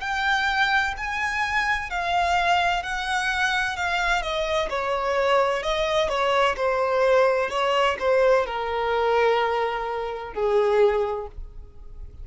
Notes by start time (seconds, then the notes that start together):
0.00 G5
0.97 G#5
1.90 F5
2.83 F#5
3.76 F5
4.22 D#5
4.70 C#5
5.62 D#5
6.09 C#5
6.56 C5
7.50 C#5
7.99 C5
8.46 A#4
10.33 G#4